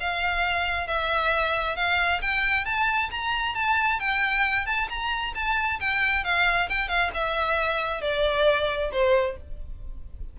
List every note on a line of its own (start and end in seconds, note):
0.00 0.88 F5
0.88 1.76 E5
1.76 2.21 F5
2.22 2.66 G5
2.66 3.10 A5
3.11 3.55 A#5
3.55 4.00 A5
4.00 4.66 G5
4.66 4.88 A5
4.89 5.34 A#5
5.35 5.80 A5
5.80 6.24 G5
6.24 6.69 F5
6.69 6.89 G5
6.89 7.11 F5
7.14 8.01 E5
8.01 8.91 D5
8.92 9.37 C5